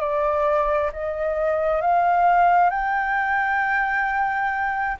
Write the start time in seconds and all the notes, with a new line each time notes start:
0.00 D5
0.93 D#5
1.81 F5
2.70 G5